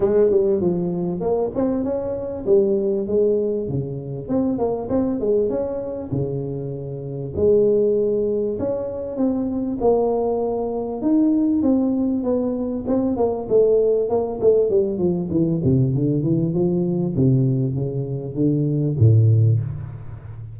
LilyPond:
\new Staff \with { instrumentName = "tuba" } { \time 4/4 \tempo 4 = 98 gis8 g8 f4 ais8 c'8 cis'4 | g4 gis4 cis4 c'8 ais8 | c'8 gis8 cis'4 cis2 | gis2 cis'4 c'4 |
ais2 dis'4 c'4 | b4 c'8 ais8 a4 ais8 a8 | g8 f8 e8 c8 d8 e8 f4 | c4 cis4 d4 a,4 | }